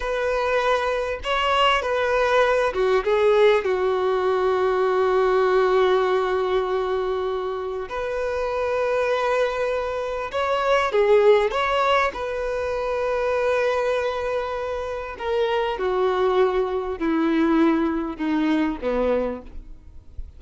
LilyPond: \new Staff \with { instrumentName = "violin" } { \time 4/4 \tempo 4 = 99 b'2 cis''4 b'4~ | b'8 fis'8 gis'4 fis'2~ | fis'1~ | fis'4 b'2.~ |
b'4 cis''4 gis'4 cis''4 | b'1~ | b'4 ais'4 fis'2 | e'2 dis'4 b4 | }